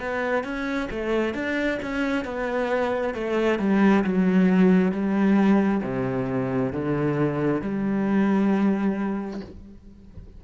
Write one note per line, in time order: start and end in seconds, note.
0.00 0.43 B3
0.43 0.88 C#4
0.90 1.34 A3
1.34 1.79 D4
1.82 2.24 C#4
2.24 3.14 B3
3.14 3.59 A3
3.59 4.03 G3
4.04 4.91 F#3
4.91 5.81 G3
5.82 6.72 C3
6.72 7.61 D3
7.61 9.40 G3